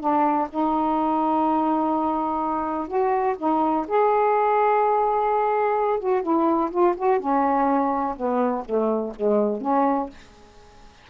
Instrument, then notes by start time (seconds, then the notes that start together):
saxophone
0.00 D4
0.50 D#4
2.87 F#4
3.38 D#4
3.88 G#4
6.00 F#4
6.22 E4
6.71 F4
6.97 F#4
7.20 C#4
8.16 B3
8.65 A3
9.15 G#3
9.62 C#4